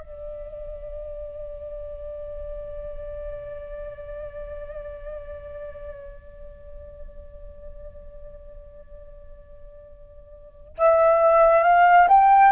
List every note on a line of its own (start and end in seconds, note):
0.00 10.75 D5
10.78 11.63 E5
11.63 12.08 F5
12.08 12.52 G5